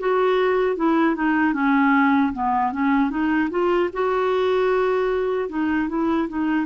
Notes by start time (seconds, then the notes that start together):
0.00 F#4
0.77 E4
1.16 D#4
1.54 C#4
2.33 B3
2.72 C#4
3.10 D#4
3.51 F4
3.93 F#4
5.49 D#4
5.89 E4
6.29 D#4